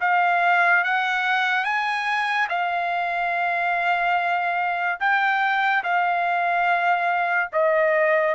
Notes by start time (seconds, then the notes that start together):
0.00 F5
0.84 F#5
1.64 G#5
2.49 F5
5.00 G5
5.83 F5
7.52 D#5